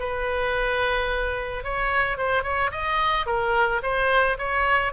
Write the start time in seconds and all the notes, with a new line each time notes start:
0.00 B4
1.64 C#5
2.18 C5
2.44 C#5
2.72 D#5
3.27 A#4
3.83 C5
4.39 C#5